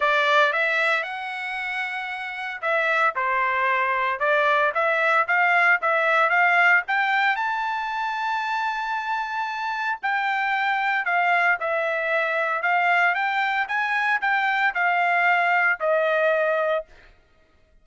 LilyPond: \new Staff \with { instrumentName = "trumpet" } { \time 4/4 \tempo 4 = 114 d''4 e''4 fis''2~ | fis''4 e''4 c''2 | d''4 e''4 f''4 e''4 | f''4 g''4 a''2~ |
a''2. g''4~ | g''4 f''4 e''2 | f''4 g''4 gis''4 g''4 | f''2 dis''2 | }